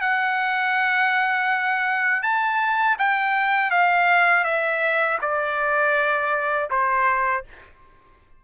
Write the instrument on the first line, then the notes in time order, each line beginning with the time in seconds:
trumpet
0.00 F#5
2.22 A5
2.98 G5
3.70 F5
4.44 E5
5.21 D5
6.70 C5